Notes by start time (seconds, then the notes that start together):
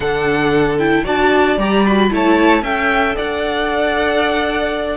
0.00 D3 D4 A4 F#5
0.78 E4 G5
1.03 D4 F#4 D5 A5
1.57 G3 G4 A#5
1.86 F#4 B5
2.10 A3 E4 C#5 A5
2.62 C#4 A4 E5 G5
3.16 D4 D5 F#5